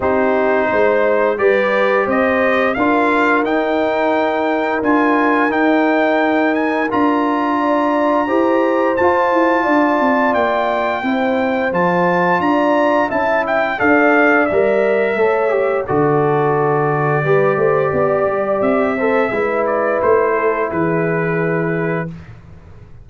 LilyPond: <<
  \new Staff \with { instrumentName = "trumpet" } { \time 4/4 \tempo 4 = 87 c''2 d''4 dis''4 | f''4 g''2 gis''4 | g''4. gis''8 ais''2~ | ais''4 a''2 g''4~ |
g''4 a''4 ais''4 a''8 g''8 | f''4 e''2 d''4~ | d''2. e''4~ | e''8 d''8 c''4 b'2 | }
  \new Staff \with { instrumentName = "horn" } { \time 4/4 g'4 c''4 b'4 c''4 | ais'1~ | ais'2. d''4 | c''2 d''2 |
c''2 d''4 e''4 | d''2 cis''4 a'4~ | a'4 b'8 c''8 d''4. c''8 | b'4. a'8 gis'2 | }
  \new Staff \with { instrumentName = "trombone" } { \time 4/4 dis'2 g'2 | f'4 dis'2 f'4 | dis'2 f'2 | g'4 f'2. |
e'4 f'2 e'4 | a'4 ais'4 a'8 g'8 fis'4~ | fis'4 g'2~ g'8 a'8 | e'1 | }
  \new Staff \with { instrumentName = "tuba" } { \time 4/4 c'4 gis4 g4 c'4 | d'4 dis'2 d'4 | dis'2 d'2 | e'4 f'8 e'8 d'8 c'8 ais4 |
c'4 f4 d'4 cis'4 | d'4 g4 a4 d4~ | d4 g8 a8 b8 g8 c'4 | gis4 a4 e2 | }
>>